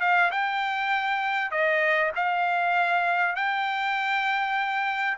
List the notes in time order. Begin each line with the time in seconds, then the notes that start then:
0.00 F5
0.31 G5
1.51 D#5
2.15 F5
3.35 G5